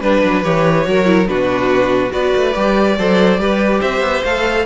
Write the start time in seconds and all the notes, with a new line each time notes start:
0.00 G3 D4 B4
0.23 F#3
0.43 E3 G4 C#5
0.84 F#3 F#4 A#4
1.05 E4
1.27 B2 D4 F#4 B4
2.10 B3 F#4 B4 D5
2.36 A3
2.54 G3 G4
2.97 F#3 A4 C5
3.38 G3 G4 B4
3.80 C4 C5 E5
4.00 B3
4.24 A3 A4 F5